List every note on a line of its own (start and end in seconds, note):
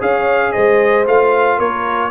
0.00 0.54 C#4
0.00 1.05 G#4
0.00 0.52 C#5
0.00 0.52 F5
0.52 1.06 G#3
0.52 1.57 C5
0.52 1.05 D#5
1.06 1.59 A3
1.06 2.10 F4
1.06 1.59 F5
1.57 2.10 A#3
1.57 2.10 A#4
1.57 2.10 C#5